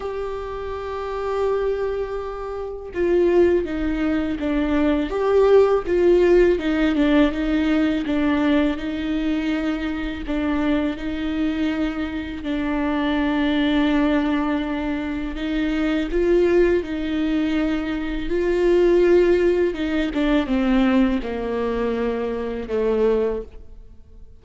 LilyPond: \new Staff \with { instrumentName = "viola" } { \time 4/4 \tempo 4 = 82 g'1 | f'4 dis'4 d'4 g'4 | f'4 dis'8 d'8 dis'4 d'4 | dis'2 d'4 dis'4~ |
dis'4 d'2.~ | d'4 dis'4 f'4 dis'4~ | dis'4 f'2 dis'8 d'8 | c'4 ais2 a4 | }